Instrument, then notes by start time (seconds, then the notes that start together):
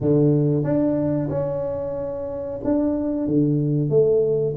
tuba
0.01 D3
0.63 D4
1.29 C#4
2.64 D4
3.27 D3
3.89 A3